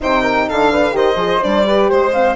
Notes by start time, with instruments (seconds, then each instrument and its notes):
0.00 bassoon C3, horn D#4, flute C5, violin G5
0.21 flute A#4
0.48 bassoon D3, flute A4, violin F5
0.71 horn D4, flute B4
0.91 bassoon D#3, horn G4, flute C5, violin D#5
1.15 bassoon F3, horn G#4
1.42 bassoon G3, horn D4, violin D5
1.64 horn G4, flute B4
1.88 bassoon G#3, flute C5, violin C5
2.12 horn C4, flute F5